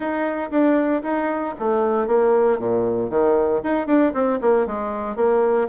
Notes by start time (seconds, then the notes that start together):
0.00 D#4
0.50 D4
1.02 D#4
1.59 A3
2.07 A#3
2.58 A#2
3.09 D#3
3.63 D#4
3.87 D4
4.13 C4
4.41 A#3
4.66 G#3
5.16 A#3